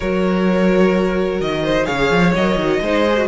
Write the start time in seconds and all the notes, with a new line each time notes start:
0.00 F#3 F#4 A#4 C#5
1.40 D#3 D#5
1.63 C5
1.85 C#3 G#4 C#5 F5
2.11 F3
2.35 F#3 A#4 D#5
2.56 D#3 F#4
2.81 G#3 D#4 C5
3.08 G#4
3.17 F#4